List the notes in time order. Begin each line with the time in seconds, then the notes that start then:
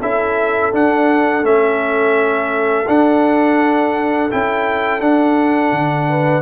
0.00 C#4 E4 A4 E5
0.72 D4 F#5
1.43 A3 C#4 E5
2.87 D4 F#5
4.30 C#4 E4 G5
5.00 D4 F#5
5.71 D3
6.09 B4